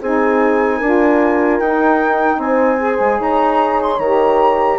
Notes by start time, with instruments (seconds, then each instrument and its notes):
0.00 bassoon C4, saxophone D#4, horn G#4, flute G#5
0.78 bassoon D4, horn A#4
0.84 saxophone F4
1.60 bassoon D#4, saxophone D#4, flute G5
2.38 bassoon C4, horn C5, flute G#5
2.78 saxophone G#4
2.99 bassoon G#3
3.19 bassoon D#4, horn C#5, flute A#5
3.82 flute C6
3.98 bassoon D#3, saxophone G4, flute A#5